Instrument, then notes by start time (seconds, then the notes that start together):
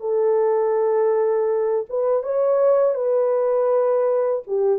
horn
0.00 A4
1.89 B4
2.23 C#5
2.94 B4
4.47 G4